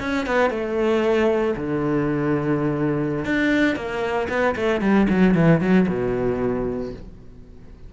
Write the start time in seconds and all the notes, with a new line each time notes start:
0.00 C#4
0.26 B3
0.50 A3
1.57 D3
3.25 D4
3.76 A#3
4.29 B3
4.56 A3
4.81 G3
5.10 F#3
5.35 E3
5.61 F#3
5.89 B2